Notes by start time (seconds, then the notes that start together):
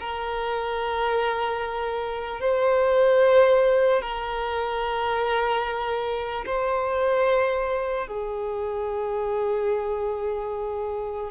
0.00 A#4
2.40 C5
4.01 A#4
6.46 C5
8.07 G#4